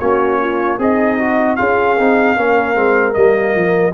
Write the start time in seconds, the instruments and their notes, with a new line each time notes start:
0.00 tuba A#3, trombone C#4, horn F#4, trumpet C#5
0.40 horn F4
0.79 tuba C4, horn D#4, trombone G#4, trumpet D#5
1.19 trombone F#4
1.56 tuba C#4, trombone F4, horn G#4, trumpet F5
1.98 tuba C4, trombone D#4
2.37 tuba A#3, trombone C#4, horn A#4
2.75 tuba G#3, trombone C4
3.14 tuba G3, trombone A#3, trumpet D#5
3.56 tuba F3